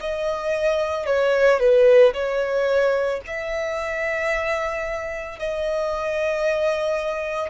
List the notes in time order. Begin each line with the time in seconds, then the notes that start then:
0.00 D#5
1.06 C#5
1.59 B4
2.13 C#5
3.26 E5
5.39 D#5